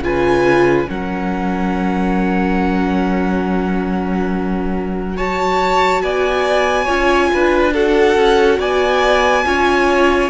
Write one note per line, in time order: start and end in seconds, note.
0.00 0.86 C#3
0.00 0.87 F4
0.00 0.89 B4
0.00 0.89 G#5
0.87 6.02 F#3
0.87 5.15 C#4
0.87 5.16 A#4
0.87 5.17 F#5
5.16 6.87 F#4
5.16 6.02 C#5
5.16 6.01 A5
6.01 6.87 B3
6.01 6.84 D5
6.01 7.73 G#5
6.84 7.31 C#4
6.84 7.73 F4
6.84 7.27 C#5
7.33 8.16 D4
7.33 7.73 B4
7.73 9.44 F#4
7.73 8.59 A4
7.73 8.60 F#5
8.16 8.58 C#4
8.59 9.45 B3
8.59 9.44 D5
8.59 10.30 G#5
9.44 10.30 C#4
9.44 10.30 F4
9.44 10.30 C#5